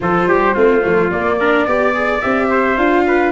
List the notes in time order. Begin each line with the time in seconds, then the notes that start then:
0.00 F3 F4 A4 C5
0.26 G3 G4
0.54 A3 C4 F4
0.81 F3 A3
1.11 A#3 D5
1.39 D4 A#4
1.65 B3 G4 D5
1.94 G#4
2.20 C4 G4 E5
2.49 C5
2.77 D4 F4 F5
3.07 B4